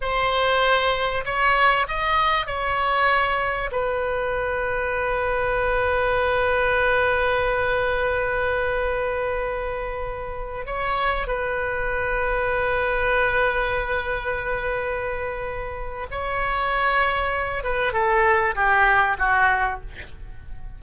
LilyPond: \new Staff \with { instrumentName = "oboe" } { \time 4/4 \tempo 4 = 97 c''2 cis''4 dis''4 | cis''2 b'2~ | b'1~ | b'1~ |
b'4~ b'16 cis''4 b'4.~ b'16~ | b'1~ | b'2 cis''2~ | cis''8 b'8 a'4 g'4 fis'4 | }